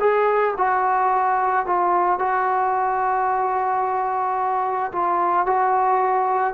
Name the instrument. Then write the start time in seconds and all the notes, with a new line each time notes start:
trombone
0.00 G#4
0.58 F#4
1.66 F4
2.19 F#4
4.92 F4
5.46 F#4